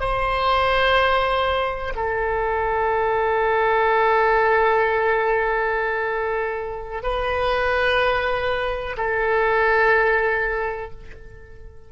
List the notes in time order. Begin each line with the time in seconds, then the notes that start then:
0.00 C5
1.96 A4
7.03 B4
8.97 A4